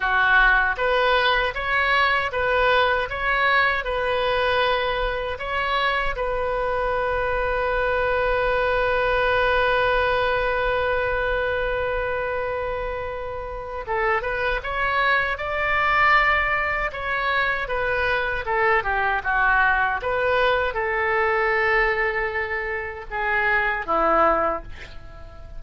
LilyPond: \new Staff \with { instrumentName = "oboe" } { \time 4/4 \tempo 4 = 78 fis'4 b'4 cis''4 b'4 | cis''4 b'2 cis''4 | b'1~ | b'1~ |
b'2 a'8 b'8 cis''4 | d''2 cis''4 b'4 | a'8 g'8 fis'4 b'4 a'4~ | a'2 gis'4 e'4 | }